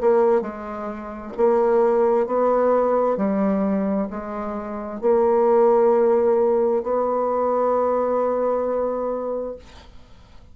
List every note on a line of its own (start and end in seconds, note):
0.00 0.41 A#3
0.41 1.32 G#3
1.37 2.26 A#3
2.26 3.17 B3
3.17 4.07 G3
4.10 5.01 G#3
5.01 6.83 A#3
6.83 9.55 B3